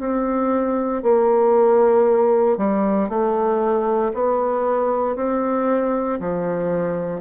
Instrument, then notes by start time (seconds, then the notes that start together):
bassoon
0.00 C4
1.03 A#3
2.58 G3
3.09 A3
4.14 B3
5.16 C4
6.20 F3